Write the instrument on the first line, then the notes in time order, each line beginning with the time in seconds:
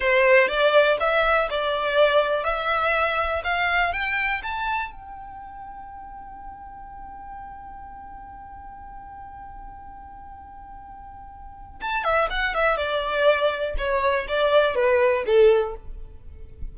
violin
0.00 C5
0.48 D5
1.00 E5
1.50 D5
2.44 E5
3.43 F5
3.92 G5
4.42 A5
4.91 G5
11.81 A5
12.04 E5
12.30 F#5
12.54 E5
12.76 D5
13.77 C#5
14.28 D5
14.75 B4
15.26 A4